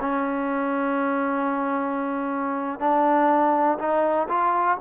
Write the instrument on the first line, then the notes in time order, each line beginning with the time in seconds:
trombone
0.00 C#4
2.79 D4
3.78 D#4
4.28 F4